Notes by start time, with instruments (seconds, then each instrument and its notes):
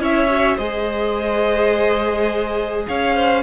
0.00 cello C#4, viola E4, violin C#5 E5
0.31 viola F#4
0.57 cello G#3, viola G#4, violin C5 D#5
2.88 cello C#4, violin C#5 F5
3.15 violin C5